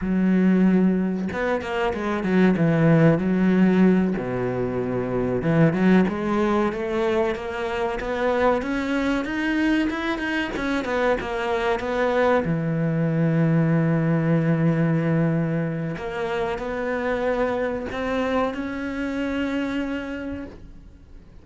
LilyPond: \new Staff \with { instrumentName = "cello" } { \time 4/4 \tempo 4 = 94 fis2 b8 ais8 gis8 fis8 | e4 fis4. b,4.~ | b,8 e8 fis8 gis4 a4 ais8~ | ais8 b4 cis'4 dis'4 e'8 |
dis'8 cis'8 b8 ais4 b4 e8~ | e1~ | e4 ais4 b2 | c'4 cis'2. | }